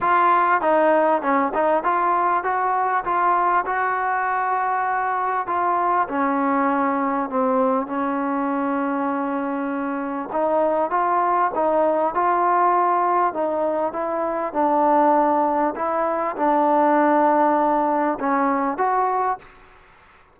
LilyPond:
\new Staff \with { instrumentName = "trombone" } { \time 4/4 \tempo 4 = 99 f'4 dis'4 cis'8 dis'8 f'4 | fis'4 f'4 fis'2~ | fis'4 f'4 cis'2 | c'4 cis'2.~ |
cis'4 dis'4 f'4 dis'4 | f'2 dis'4 e'4 | d'2 e'4 d'4~ | d'2 cis'4 fis'4 | }